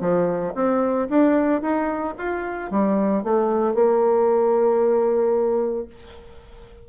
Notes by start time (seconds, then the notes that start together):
0.00 F3
0.55 C4
1.09 D4
1.61 D#4
2.18 F4
2.71 G3
3.23 A3
3.74 A#3